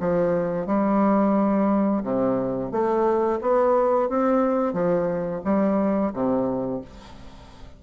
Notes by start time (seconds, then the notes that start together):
0.00 F3
0.66 G3
2.03 C3
2.71 A3
3.41 B3
4.09 C4
4.73 F3
5.44 G3
6.13 C3